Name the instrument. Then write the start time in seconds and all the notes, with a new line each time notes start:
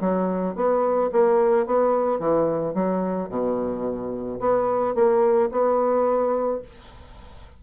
bassoon
0.00 F#3
0.55 B3
1.12 A#3
1.66 B3
2.19 E3
2.74 F#3
3.29 B2
4.40 B3
4.95 A#3
5.51 B3